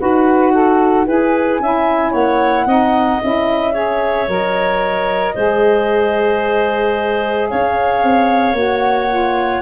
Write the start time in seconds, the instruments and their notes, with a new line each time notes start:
0.00 tuba D#4, clarinet F#4, saxophone B4, flute F#5
0.53 saxophone A4
1.06 tuba E4, saxophone G#4, clarinet B4, flute G#5
1.59 tuba C#4, saxophone E4, clarinet E5
2.12 tuba A#3, clarinet C#5, flute F#5
2.66 tuba C4, saxophone D#4, clarinet D#5
3.22 tuba C#4, saxophone E4, flute E5
3.73 saxophone G#4, clarinet C#5
4.28 tuba F#3, saxophone A#4, flute D#5
5.35 tuba G#3, saxophone G#4, clarinet C5
7.50 tuba C#4, clarinet C#5, flute F5
8.03 tuba C4
8.53 tuba A#3, saxophone F#4, flute F#5
9.08 saxophone F4